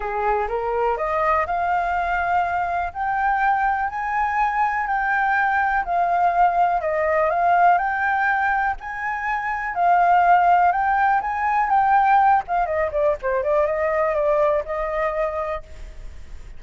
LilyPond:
\new Staff \with { instrumentName = "flute" } { \time 4/4 \tempo 4 = 123 gis'4 ais'4 dis''4 f''4~ | f''2 g''2 | gis''2 g''2 | f''2 dis''4 f''4 |
g''2 gis''2 | f''2 g''4 gis''4 | g''4. f''8 dis''8 d''8 c''8 d''8 | dis''4 d''4 dis''2 | }